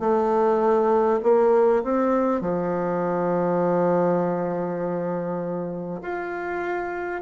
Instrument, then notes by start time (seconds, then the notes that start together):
bassoon
0.00 A3
1.23 A#3
1.84 C4
2.42 F3
6.02 F4